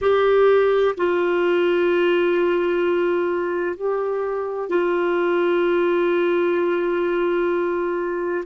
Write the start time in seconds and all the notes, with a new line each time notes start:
0.01 G4
0.97 F4
3.75 G4
4.69 F4